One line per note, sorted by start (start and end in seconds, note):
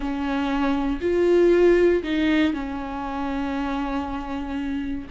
0.00 1.00 C#4
1.01 2.02 F4
2.03 2.53 D#4
2.53 5.07 C#4